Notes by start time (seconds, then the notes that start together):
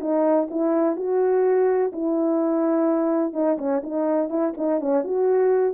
0.00 D#4
0.50 E4
0.96 F#4
1.92 E4
3.33 D#4
3.58 C#4
3.83 D#4
4.29 E4
4.57 D#4
4.80 C#4
5.04 F#4